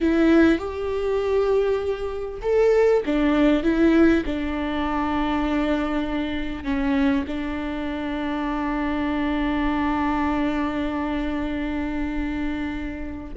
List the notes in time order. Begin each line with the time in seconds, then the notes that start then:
0.00 E4
0.58 G4
2.42 A4
3.05 D4
3.63 E4
4.25 D4
6.64 C#4
7.27 D4